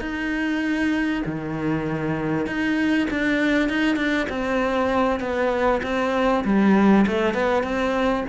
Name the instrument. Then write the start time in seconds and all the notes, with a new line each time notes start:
cello
0.00 D#4
1.25 D#3
2.46 D#4
3.10 D4
3.69 D#4
3.96 D4
4.29 C4
5.20 B3
5.82 C4
6.44 G3
7.07 A3
7.34 B3
7.63 C4